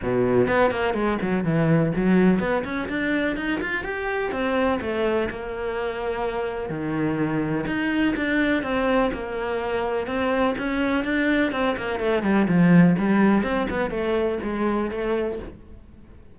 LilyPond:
\new Staff \with { instrumentName = "cello" } { \time 4/4 \tempo 4 = 125 b,4 b8 ais8 gis8 fis8 e4 | fis4 b8 cis'8 d'4 dis'8 f'8 | g'4 c'4 a4 ais4~ | ais2 dis2 |
dis'4 d'4 c'4 ais4~ | ais4 c'4 cis'4 d'4 | c'8 ais8 a8 g8 f4 g4 | c'8 b8 a4 gis4 a4 | }